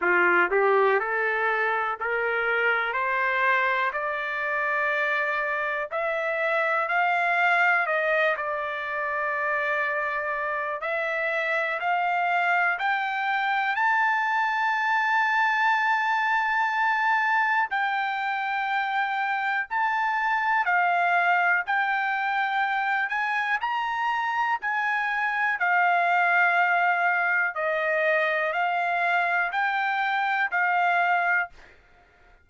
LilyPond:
\new Staff \with { instrumentName = "trumpet" } { \time 4/4 \tempo 4 = 61 f'8 g'8 a'4 ais'4 c''4 | d''2 e''4 f''4 | dis''8 d''2~ d''8 e''4 | f''4 g''4 a''2~ |
a''2 g''2 | a''4 f''4 g''4. gis''8 | ais''4 gis''4 f''2 | dis''4 f''4 g''4 f''4 | }